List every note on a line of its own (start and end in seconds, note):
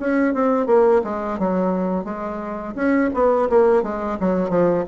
0.00 0.34 C#4
0.34 0.67 C4
0.67 1.02 A#3
1.04 1.39 G#3
1.40 2.05 F#3
2.05 2.75 G#3
2.76 3.10 C#4
3.14 3.49 B3
3.50 3.83 A#3
3.83 4.18 G#3
4.21 4.50 F#3
4.50 4.85 F3